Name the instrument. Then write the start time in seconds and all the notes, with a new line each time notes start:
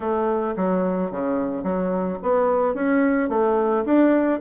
bassoon
0.00 A3
0.56 F#3
1.11 C#3
1.63 F#3
2.22 B3
2.74 C#4
3.29 A3
3.85 D4